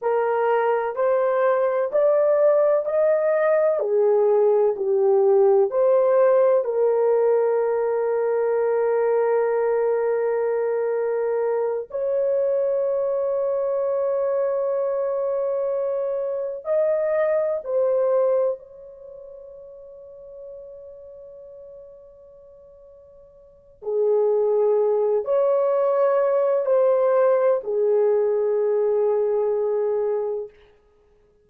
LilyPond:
\new Staff \with { instrumentName = "horn" } { \time 4/4 \tempo 4 = 63 ais'4 c''4 d''4 dis''4 | gis'4 g'4 c''4 ais'4~ | ais'1~ | ais'8 cis''2.~ cis''8~ |
cis''4. dis''4 c''4 cis''8~ | cis''1~ | cis''4 gis'4. cis''4. | c''4 gis'2. | }